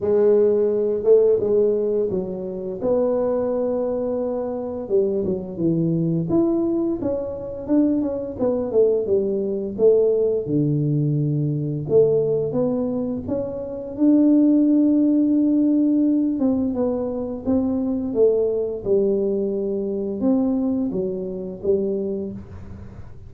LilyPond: \new Staff \with { instrumentName = "tuba" } { \time 4/4 \tempo 4 = 86 gis4. a8 gis4 fis4 | b2. g8 fis8 | e4 e'4 cis'4 d'8 cis'8 | b8 a8 g4 a4 d4~ |
d4 a4 b4 cis'4 | d'2.~ d'8 c'8 | b4 c'4 a4 g4~ | g4 c'4 fis4 g4 | }